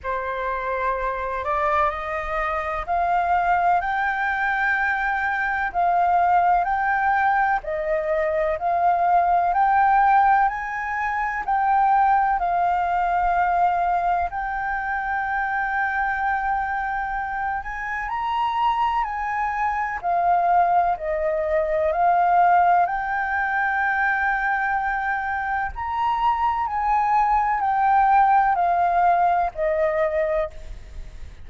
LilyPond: \new Staff \with { instrumentName = "flute" } { \time 4/4 \tempo 4 = 63 c''4. d''8 dis''4 f''4 | g''2 f''4 g''4 | dis''4 f''4 g''4 gis''4 | g''4 f''2 g''4~ |
g''2~ g''8 gis''8 ais''4 | gis''4 f''4 dis''4 f''4 | g''2. ais''4 | gis''4 g''4 f''4 dis''4 | }